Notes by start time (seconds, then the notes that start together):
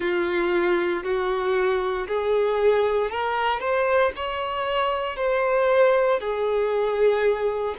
0.00 F4
1.03 F#4
2.07 G#4
3.10 A#4
3.60 C5
4.16 C#5
5.16 C5
6.20 G#4